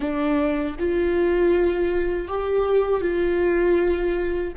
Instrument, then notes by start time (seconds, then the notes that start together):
viola
0.00 D4
0.78 F4
2.28 G4
3.01 F4